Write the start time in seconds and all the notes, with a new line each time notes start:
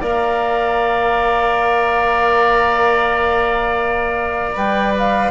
0.00 A#3 A#4 D5 F5
4.55 G3 B4 G5
4.98 F5